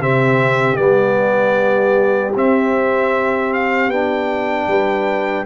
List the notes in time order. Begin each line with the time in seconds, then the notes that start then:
0.00 C3 C4 G4 E5
0.76 G3 B3 D5
2.35 C4 E5
3.53 F5
3.88 B3 D4 G5
4.67 G3 B4